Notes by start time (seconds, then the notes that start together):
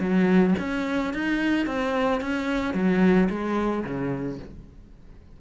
0.00 F#3
0.59 C#4
1.13 D#4
1.67 C4
2.21 C#4
2.74 F#3
3.30 G#3
3.84 C#3